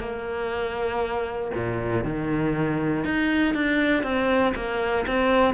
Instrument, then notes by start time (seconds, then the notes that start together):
cello
0.00 A#3
1.54 A#2
2.04 D#3
3.04 D#4
3.54 D4
4.03 C4
4.55 A#3
5.06 C4